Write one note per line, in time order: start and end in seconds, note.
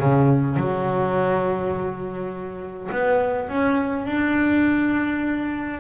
0.00 0.57 C#3
0.57 2.90 F#3
2.92 3.49 B3
3.49 4.06 C#4
4.06 5.81 D4